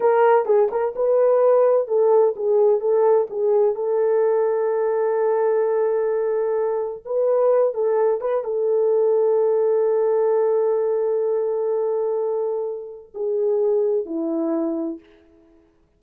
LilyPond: \new Staff \with { instrumentName = "horn" } { \time 4/4 \tempo 4 = 128 ais'4 gis'8 ais'8 b'2 | a'4 gis'4 a'4 gis'4 | a'1~ | a'2. b'4~ |
b'8 a'4 b'8 a'2~ | a'1~ | a'1 | gis'2 e'2 | }